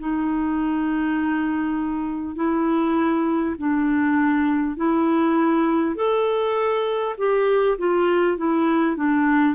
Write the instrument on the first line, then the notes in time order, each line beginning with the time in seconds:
clarinet
0.00 D#4
2.36 E4
3.58 D4
4.77 E4
5.96 A4
7.18 G4
7.78 F4
8.38 E4
8.97 D4